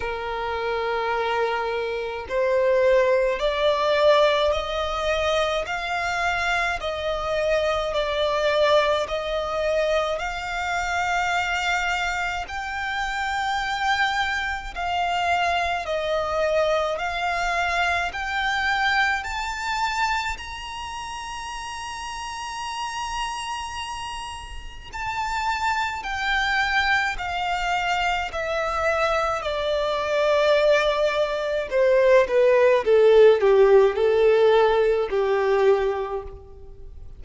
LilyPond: \new Staff \with { instrumentName = "violin" } { \time 4/4 \tempo 4 = 53 ais'2 c''4 d''4 | dis''4 f''4 dis''4 d''4 | dis''4 f''2 g''4~ | g''4 f''4 dis''4 f''4 |
g''4 a''4 ais''2~ | ais''2 a''4 g''4 | f''4 e''4 d''2 | c''8 b'8 a'8 g'8 a'4 g'4 | }